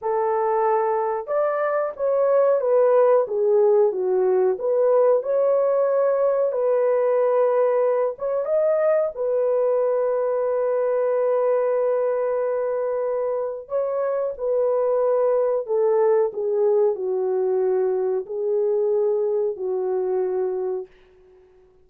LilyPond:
\new Staff \with { instrumentName = "horn" } { \time 4/4 \tempo 4 = 92 a'2 d''4 cis''4 | b'4 gis'4 fis'4 b'4 | cis''2 b'2~ | b'8 cis''8 dis''4 b'2~ |
b'1~ | b'4 cis''4 b'2 | a'4 gis'4 fis'2 | gis'2 fis'2 | }